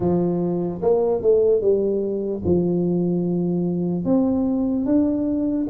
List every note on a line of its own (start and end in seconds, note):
0.00 0.81 F3
0.81 1.22 A#3
1.22 1.61 A3
1.61 2.42 G3
2.45 4.05 F3
4.05 4.85 C4
4.85 5.66 D4